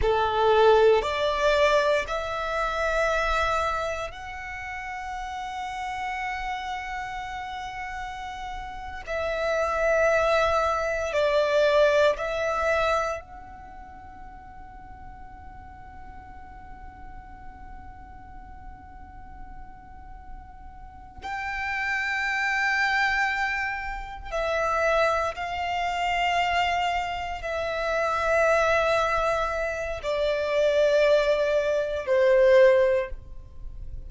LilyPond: \new Staff \with { instrumentName = "violin" } { \time 4/4 \tempo 4 = 58 a'4 d''4 e''2 | fis''1~ | fis''8. e''2 d''4 e''16~ | e''8. fis''2.~ fis''16~ |
fis''1~ | fis''8 g''2. e''8~ | e''8 f''2 e''4.~ | e''4 d''2 c''4 | }